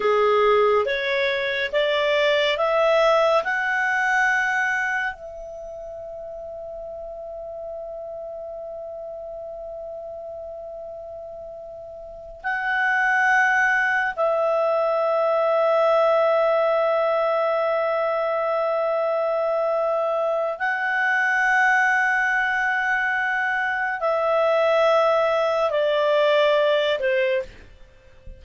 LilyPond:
\new Staff \with { instrumentName = "clarinet" } { \time 4/4 \tempo 4 = 70 gis'4 cis''4 d''4 e''4 | fis''2 e''2~ | e''1~ | e''2~ e''8 fis''4.~ |
fis''8 e''2.~ e''8~ | e''1 | fis''1 | e''2 d''4. c''8 | }